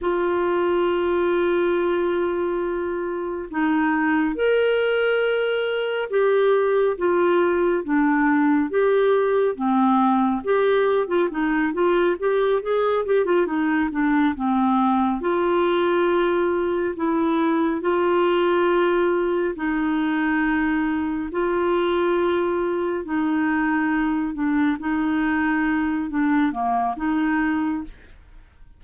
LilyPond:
\new Staff \with { instrumentName = "clarinet" } { \time 4/4 \tempo 4 = 69 f'1 | dis'4 ais'2 g'4 | f'4 d'4 g'4 c'4 | g'8. f'16 dis'8 f'8 g'8 gis'8 g'16 f'16 dis'8 |
d'8 c'4 f'2 e'8~ | e'8 f'2 dis'4.~ | dis'8 f'2 dis'4. | d'8 dis'4. d'8 ais8 dis'4 | }